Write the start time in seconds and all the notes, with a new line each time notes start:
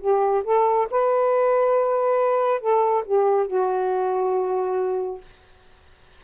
0.00 G4
0.44 A4
0.91 B4
2.60 A4
3.06 G4
3.47 F#4